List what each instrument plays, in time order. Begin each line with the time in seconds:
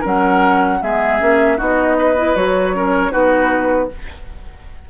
0.00 bassoon F#3, clarinet C#4, oboe A#4, flute F#5
0.82 bassoon G#3, clarinet B3, oboe G#4, flute E5
1.20 bassoon A#3, clarinet C#4
1.57 bassoon B3, clarinet D#4, oboe F#4, flute D#5
1.99 oboe B4
2.17 clarinet E4
2.35 bassoon F#3, clarinet F#4, flute C#5
2.74 clarinet C#4, oboe A#4
3.11 bassoon B3, clarinet D#4, oboe F#4, flute B4